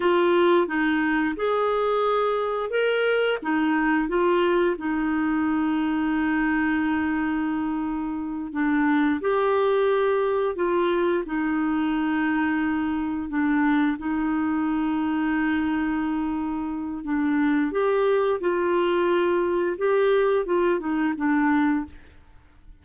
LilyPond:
\new Staff \with { instrumentName = "clarinet" } { \time 4/4 \tempo 4 = 88 f'4 dis'4 gis'2 | ais'4 dis'4 f'4 dis'4~ | dis'1~ | dis'8 d'4 g'2 f'8~ |
f'8 dis'2. d'8~ | d'8 dis'2.~ dis'8~ | dis'4 d'4 g'4 f'4~ | f'4 g'4 f'8 dis'8 d'4 | }